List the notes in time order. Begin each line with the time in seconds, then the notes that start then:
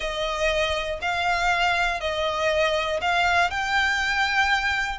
0.00 D#5
1.01 F5
2.00 D#5
3.01 F5
3.50 G5